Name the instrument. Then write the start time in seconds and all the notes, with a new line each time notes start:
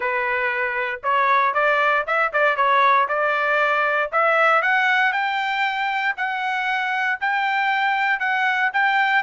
trumpet
0.00 B4
1.03 C#5
1.54 D5
2.07 E5
2.32 D5
2.56 C#5
3.08 D5
4.12 E5
4.62 F#5
5.12 G5
6.16 F#5
7.20 G5
8.19 F#5
8.73 G5